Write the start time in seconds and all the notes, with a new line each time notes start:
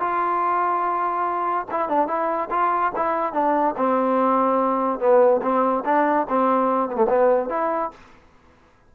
0.00 F4
1.71 E4
1.89 D4
2.08 E4
2.51 F4
2.96 E4
3.34 D4
3.77 C4
5.00 B3
5.42 C4
5.85 D4
6.29 C4
6.90 B3
6.96 A3
7.09 B3
7.50 E4